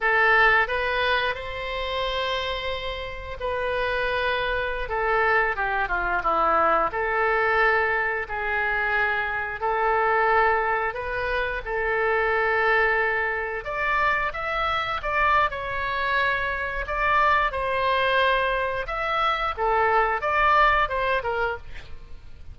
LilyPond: \new Staff \with { instrumentName = "oboe" } { \time 4/4 \tempo 4 = 89 a'4 b'4 c''2~ | c''4 b'2~ b'16 a'8.~ | a'16 g'8 f'8 e'4 a'4.~ a'16~ | a'16 gis'2 a'4.~ a'16~ |
a'16 b'4 a'2~ a'8.~ | a'16 d''4 e''4 d''8. cis''4~ | cis''4 d''4 c''2 | e''4 a'4 d''4 c''8 ais'8 | }